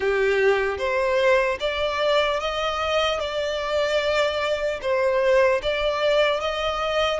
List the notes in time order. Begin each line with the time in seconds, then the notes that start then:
0.00 G4
0.77 C5
1.60 D5
2.40 D#5
3.20 D5
4.81 C5
5.62 D5
6.40 D#5